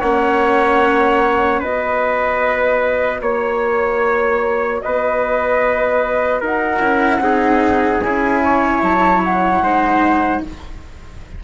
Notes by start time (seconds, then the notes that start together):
0.00 A#3 C#4 C#5 F#5
1.60 B3 F#4 B4 D#5
3.21 A#3 C#5
4.81 B3 B4 D#5
6.40 D#4 A#4 F#5
6.80 C#4 E4
7.19 C4 D#4 G#4
8.01 C#4 E4 G#5
8.44 C#5
8.82 F#3 A5
9.24 F#5
9.61 G#3 D#4 C5